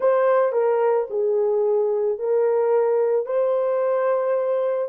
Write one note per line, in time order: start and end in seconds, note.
0.00 0.52 C5
0.52 1.07 A#4
1.10 2.18 G#4
2.18 3.26 A#4
3.26 4.89 C5